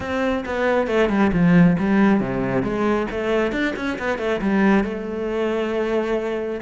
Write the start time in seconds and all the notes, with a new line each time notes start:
0.00 C4
0.45 B3
0.87 A3
1.09 G3
1.32 F3
1.79 G3
2.20 C3
2.62 G#3
3.10 A3
3.52 D4
3.75 C#4
3.98 B3
4.18 A3
4.41 G3
4.84 A3